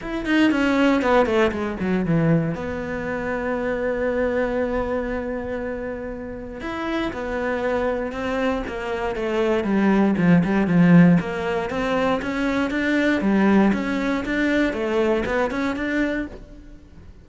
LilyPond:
\new Staff \with { instrumentName = "cello" } { \time 4/4 \tempo 4 = 118 e'8 dis'8 cis'4 b8 a8 gis8 fis8 | e4 b2.~ | b1~ | b4 e'4 b2 |
c'4 ais4 a4 g4 | f8 g8 f4 ais4 c'4 | cis'4 d'4 g4 cis'4 | d'4 a4 b8 cis'8 d'4 | }